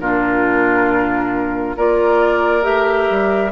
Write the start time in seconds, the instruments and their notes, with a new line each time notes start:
0.00 bassoon A#2, clarinet D4, oboe F4, flute A#4
1.77 bassoon A#3, clarinet F4, oboe A#4, flute D5
2.62 bassoon A3, clarinet G4, flute E5
3.10 bassoon G3